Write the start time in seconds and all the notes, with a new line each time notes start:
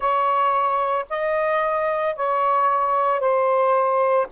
0.00 C#5
1.10 D#5
2.15 C#5
3.19 C5